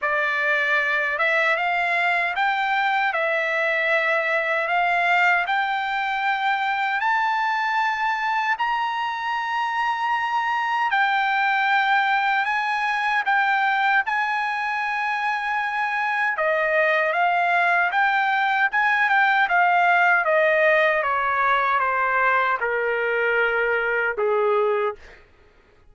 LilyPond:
\new Staff \with { instrumentName = "trumpet" } { \time 4/4 \tempo 4 = 77 d''4. e''8 f''4 g''4 | e''2 f''4 g''4~ | g''4 a''2 ais''4~ | ais''2 g''2 |
gis''4 g''4 gis''2~ | gis''4 dis''4 f''4 g''4 | gis''8 g''8 f''4 dis''4 cis''4 | c''4 ais'2 gis'4 | }